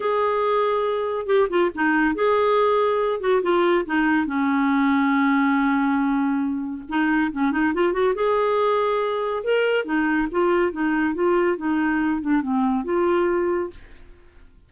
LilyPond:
\new Staff \with { instrumentName = "clarinet" } { \time 4/4 \tempo 4 = 140 gis'2. g'8 f'8 | dis'4 gis'2~ gis'8 fis'8 | f'4 dis'4 cis'2~ | cis'1 |
dis'4 cis'8 dis'8 f'8 fis'8 gis'4~ | gis'2 ais'4 dis'4 | f'4 dis'4 f'4 dis'4~ | dis'8 d'8 c'4 f'2 | }